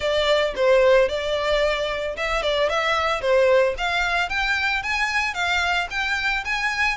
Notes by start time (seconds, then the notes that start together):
0.00 D5
0.55 C5
1.09 D5
2.16 E5
2.42 D5
2.69 E5
3.21 C5
3.77 F5
4.29 G5
4.82 G#5
5.34 F5
5.90 G5
6.44 G#5